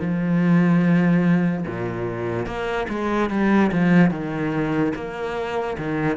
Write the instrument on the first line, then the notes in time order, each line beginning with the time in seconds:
cello
0.00 F3
1.67 A#2
2.46 A#3
2.88 G#3
3.30 G3
3.71 F3
4.11 D#3
4.95 A#3
5.78 D#3